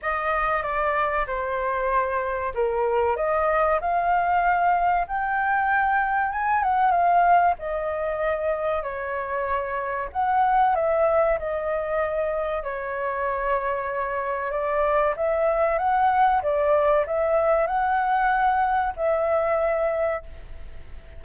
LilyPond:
\new Staff \with { instrumentName = "flute" } { \time 4/4 \tempo 4 = 95 dis''4 d''4 c''2 | ais'4 dis''4 f''2 | g''2 gis''8 fis''8 f''4 | dis''2 cis''2 |
fis''4 e''4 dis''2 | cis''2. d''4 | e''4 fis''4 d''4 e''4 | fis''2 e''2 | }